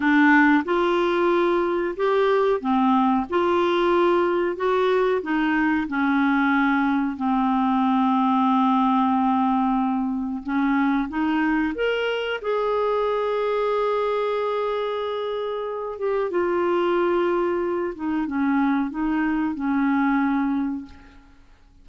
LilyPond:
\new Staff \with { instrumentName = "clarinet" } { \time 4/4 \tempo 4 = 92 d'4 f'2 g'4 | c'4 f'2 fis'4 | dis'4 cis'2 c'4~ | c'1 |
cis'4 dis'4 ais'4 gis'4~ | gis'1~ | gis'8 g'8 f'2~ f'8 dis'8 | cis'4 dis'4 cis'2 | }